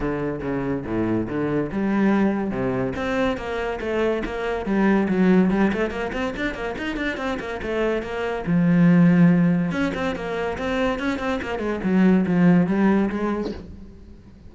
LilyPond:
\new Staff \with { instrumentName = "cello" } { \time 4/4 \tempo 4 = 142 d4 cis4 a,4 d4 | g2 c4 c'4 | ais4 a4 ais4 g4 | fis4 g8 a8 ais8 c'8 d'8 ais8 |
dis'8 d'8 c'8 ais8 a4 ais4 | f2. cis'8 c'8 | ais4 c'4 cis'8 c'8 ais8 gis8 | fis4 f4 g4 gis4 | }